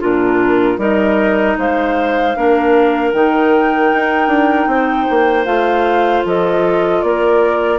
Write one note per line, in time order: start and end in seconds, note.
0.00 0.77 A#2
0.00 0.78 D4
0.00 0.78 F4
0.00 0.79 A#4
0.77 1.55 G3
0.77 2.34 D#4
0.77 1.56 A#4
0.77 1.58 D#5
1.57 2.35 G#3
1.57 2.36 C5
1.57 3.11 F5
2.36 3.13 A#3
2.36 3.13 D4
2.36 4.70 A#4
3.11 3.91 D#3
3.11 5.44 D#4
3.11 5.45 G5
3.93 4.27 D#4
4.27 4.66 D4
4.66 5.05 C4
4.66 6.26 C5
5.09 5.45 A#3
5.44 6.23 A3
5.44 7.78 F4
5.44 6.23 F5
6.25 7.02 F3
6.25 7.04 A4
6.25 7.01 D#5
7.01 7.78 A#3
7.01 7.78 A#4
7.01 7.78 D5